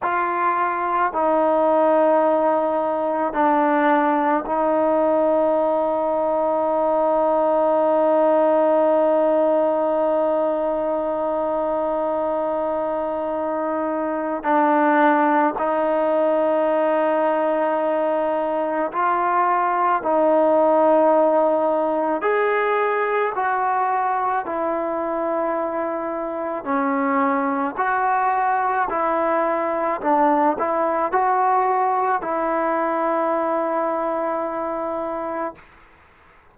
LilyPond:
\new Staff \with { instrumentName = "trombone" } { \time 4/4 \tempo 4 = 54 f'4 dis'2 d'4 | dis'1~ | dis'1~ | dis'4 d'4 dis'2~ |
dis'4 f'4 dis'2 | gis'4 fis'4 e'2 | cis'4 fis'4 e'4 d'8 e'8 | fis'4 e'2. | }